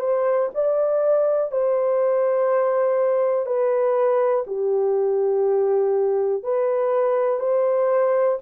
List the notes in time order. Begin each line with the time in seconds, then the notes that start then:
0.00 C5
0.55 D5
1.52 C5
3.46 B4
4.47 G4
6.43 B4
7.40 C5